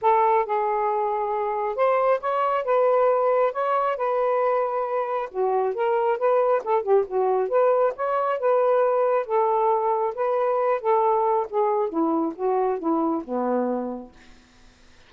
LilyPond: \new Staff \with { instrumentName = "saxophone" } { \time 4/4 \tempo 4 = 136 a'4 gis'2. | c''4 cis''4 b'2 | cis''4 b'2. | fis'4 ais'4 b'4 a'8 g'8 |
fis'4 b'4 cis''4 b'4~ | b'4 a'2 b'4~ | b'8 a'4. gis'4 e'4 | fis'4 e'4 b2 | }